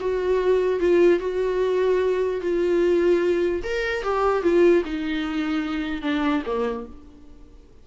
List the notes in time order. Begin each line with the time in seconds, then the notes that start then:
0.00 F#4
0.80 F4
1.19 F#4
2.41 F4
3.63 A#4
4.03 G4
4.42 F4
4.85 D#4
6.02 D4
6.46 A#3